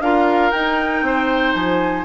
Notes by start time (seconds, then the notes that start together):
0.00 D4 F4 A#4 F5
0.50 D#4 G5
1.02 C4 C5
1.53 F3 G#5